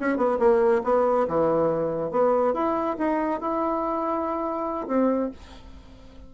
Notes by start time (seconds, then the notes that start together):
0.00 C#4
0.17 B3
0.39 A#3
0.84 B3
1.28 E3
2.11 B3
2.54 E4
2.98 D#4
3.41 E4
4.88 C4